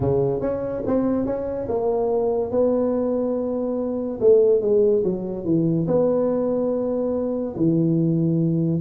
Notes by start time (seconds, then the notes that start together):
0.00 C#3
0.40 C#4
0.86 C4
1.25 C#4
1.68 A#3
2.51 B3
4.20 A3
4.61 G#3
5.03 F#3
5.45 E3
5.87 B3
7.56 E3